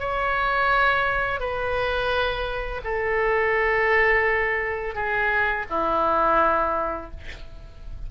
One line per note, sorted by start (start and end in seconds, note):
0.00 1.40 C#5
1.40 2.81 B4
2.84 4.95 A4
4.95 5.66 G#4
5.70 7.11 E4